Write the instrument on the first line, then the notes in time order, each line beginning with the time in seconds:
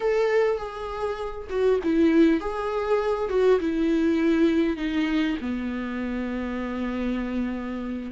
viola
0.00 A4
0.57 G#4
1.49 F#4
1.83 E4
2.40 G#4
3.29 F#4
3.60 E4
4.76 D#4
5.41 B3